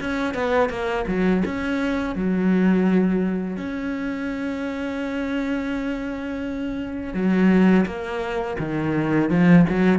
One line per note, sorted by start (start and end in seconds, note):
0.00 0.34 C#4
0.34 0.69 B3
0.69 1.05 A#3
1.07 1.43 F#3
1.44 2.15 C#4
2.15 3.56 F#3
3.56 7.14 C#4
7.14 7.85 F#3
7.85 8.57 A#3
8.59 9.30 D#3
9.30 9.65 F3
9.69 9.99 F#3